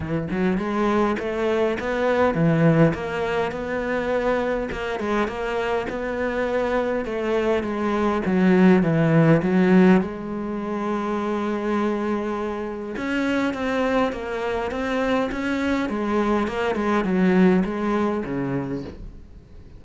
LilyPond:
\new Staff \with { instrumentName = "cello" } { \time 4/4 \tempo 4 = 102 e8 fis8 gis4 a4 b4 | e4 ais4 b2 | ais8 gis8 ais4 b2 | a4 gis4 fis4 e4 |
fis4 gis2.~ | gis2 cis'4 c'4 | ais4 c'4 cis'4 gis4 | ais8 gis8 fis4 gis4 cis4 | }